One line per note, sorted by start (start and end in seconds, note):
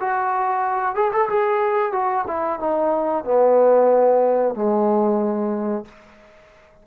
0.00 0.95 F#4
0.95 1.11 G#4
1.13 1.29 A4
1.30 1.92 G#4
1.92 2.25 F#4
2.27 2.59 E4
2.59 3.24 D#4
3.24 4.55 B3
4.55 5.85 G#3